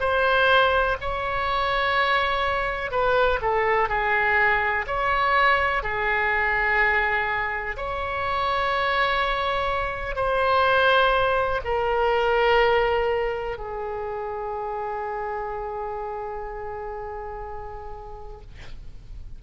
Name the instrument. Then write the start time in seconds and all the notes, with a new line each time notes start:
oboe
0.00 C5
1.01 C#5
2.92 B4
3.42 A4
3.89 G#4
4.87 C#5
5.83 G#4
7.77 C#5
10.16 C5
11.65 A#4
13.57 G#4